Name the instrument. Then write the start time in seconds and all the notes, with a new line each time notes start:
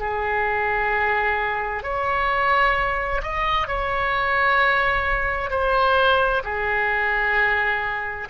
oboe
0.00 G#4
1.84 C#5
3.23 D#5
3.68 C#5
5.51 C5
6.44 G#4